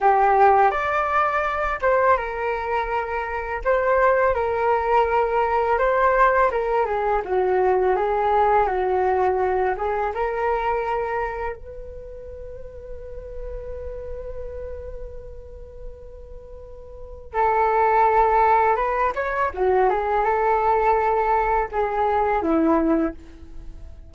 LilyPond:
\new Staff \with { instrumentName = "flute" } { \time 4/4 \tempo 4 = 83 g'4 d''4. c''8 ais'4~ | ais'4 c''4 ais'2 | c''4 ais'8 gis'8 fis'4 gis'4 | fis'4. gis'8 ais'2 |
b'1~ | b'1 | a'2 b'8 cis''8 fis'8 gis'8 | a'2 gis'4 e'4 | }